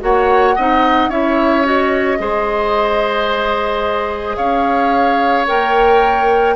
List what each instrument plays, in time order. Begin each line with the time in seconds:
0.00 bassoon A#3, clarinet F#4, oboe C#5, flute F#5
0.55 bassoon C4, clarinet D#4, oboe D#5
1.08 bassoon C#4, clarinet E4, oboe C#5, flute E5
1.64 clarinet F#4, flute D#5
2.18 bassoon G#3, clarinet G#4, oboe C5
4.36 bassoon C#4, oboe C#5, flute F5
5.47 bassoon A#3, clarinet A#4, flute G5